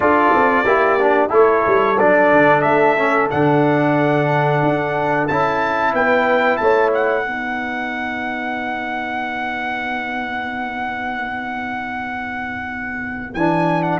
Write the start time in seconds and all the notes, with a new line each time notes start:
0.00 D4 F4 A4 D5
0.35 C4
0.64 A#3 E4 G4
0.99 D4
1.29 A3 E4 A4 C#5
1.66 G3
1.98 F#3 D4 D5
2.32 D3
2.61 A3 E5
2.97 C#4
3.30 D3 D4 F#5
4.62 D4
5.27 C#4 E4 A5
5.93 B3 B4 G5
6.56 A3 C#5 A5
6.93 F#5
7.23 B3 D#4 B4
13.34 E3 D4 G#5
13.83 F#5